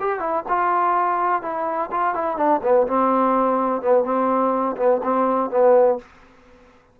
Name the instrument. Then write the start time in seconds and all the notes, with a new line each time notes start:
trombone
0.00 G4
0.19 E4
0.48 F4
1.42 E4
1.91 F4
2.14 E4
2.37 D4
2.62 B3
2.87 C4
3.81 B3
4.04 C4
4.77 B3
5.03 C4
5.50 B3